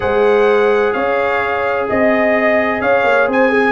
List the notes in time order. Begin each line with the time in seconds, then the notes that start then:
0.00 G#3 G#4 C5 F#5
0.92 C#4 C#5 F5
1.89 C4 D#5
2.81 C#4 C#5 F5
3.04 A#3
3.27 C4 C5 G#5
3.48 G#4